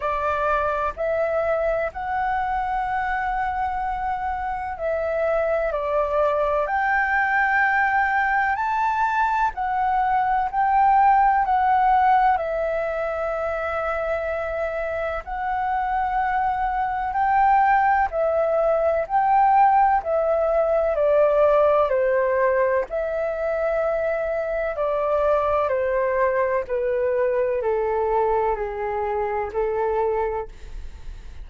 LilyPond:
\new Staff \with { instrumentName = "flute" } { \time 4/4 \tempo 4 = 63 d''4 e''4 fis''2~ | fis''4 e''4 d''4 g''4~ | g''4 a''4 fis''4 g''4 | fis''4 e''2. |
fis''2 g''4 e''4 | g''4 e''4 d''4 c''4 | e''2 d''4 c''4 | b'4 a'4 gis'4 a'4 | }